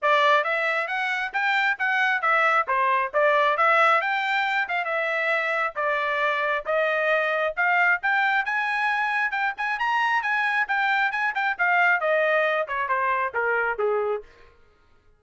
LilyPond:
\new Staff \with { instrumentName = "trumpet" } { \time 4/4 \tempo 4 = 135 d''4 e''4 fis''4 g''4 | fis''4 e''4 c''4 d''4 | e''4 g''4. f''8 e''4~ | e''4 d''2 dis''4~ |
dis''4 f''4 g''4 gis''4~ | gis''4 g''8 gis''8 ais''4 gis''4 | g''4 gis''8 g''8 f''4 dis''4~ | dis''8 cis''8 c''4 ais'4 gis'4 | }